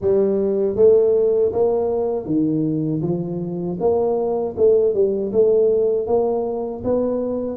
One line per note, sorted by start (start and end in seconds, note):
0.01 0.76 G3
0.76 1.52 A3
1.52 2.25 A#3
2.25 3.01 D#3
3.02 3.78 F3
3.79 4.55 A#3
4.57 4.94 A3
4.94 5.32 G3
5.32 6.07 A3
6.07 6.83 A#3
6.84 7.56 B3